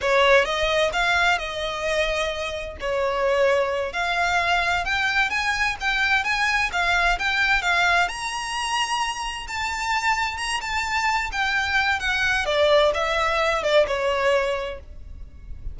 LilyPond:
\new Staff \with { instrumentName = "violin" } { \time 4/4 \tempo 4 = 130 cis''4 dis''4 f''4 dis''4~ | dis''2 cis''2~ | cis''8 f''2 g''4 gis''8~ | gis''8 g''4 gis''4 f''4 g''8~ |
g''8 f''4 ais''2~ ais''8~ | ais''8 a''2 ais''8 a''4~ | a''8 g''4. fis''4 d''4 | e''4. d''8 cis''2 | }